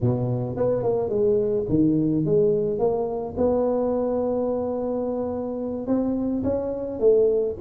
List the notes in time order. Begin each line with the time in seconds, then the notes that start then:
0.00 B2
0.56 B3
0.83 A#3
1.09 G#3
1.68 D#3
2.25 G#3
2.78 A#3
3.37 B3
5.86 C4
6.43 C#4
6.99 A3